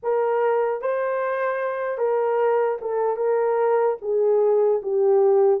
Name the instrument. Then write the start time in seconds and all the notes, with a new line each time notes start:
horn
0.03 A#4
0.81 C5
1.97 A#4
2.81 A4
3.16 A#4
4.01 G#4
4.82 G4